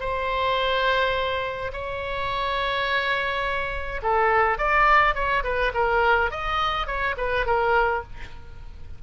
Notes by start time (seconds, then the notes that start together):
0.00 C5
1.73 C#5
4.02 A4
4.58 D5
5.15 C#5
5.44 B4
5.74 A#4
6.31 D#5
6.87 C#5
7.17 B4
7.46 A#4